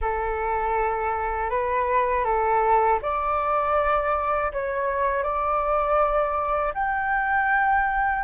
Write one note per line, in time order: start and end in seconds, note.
0.01 1.50 A4
1.50 2.24 B4
2.24 2.99 A4
3.01 4.51 D5
4.52 5.23 C#5
5.23 6.73 D5
6.74 8.24 G5